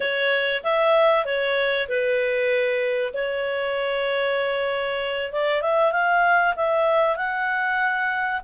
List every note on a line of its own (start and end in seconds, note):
0.00 0.62 C#5
0.63 1.25 E5
1.25 1.87 C#5
1.88 3.13 B4
3.13 5.32 C#5
5.32 5.61 D5
5.61 5.91 E5
5.91 6.54 F5
6.56 7.16 E5
7.16 8.41 F#5